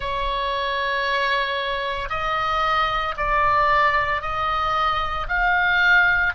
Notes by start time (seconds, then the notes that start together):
0.00 C#5
2.09 D#5
3.17 D5
4.21 D#5
5.28 F5